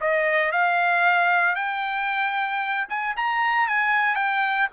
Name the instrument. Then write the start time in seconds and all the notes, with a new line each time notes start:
trumpet
0.00 D#5
0.52 F5
1.55 G5
2.89 G#5
3.16 A#5
3.67 G#5
4.15 G5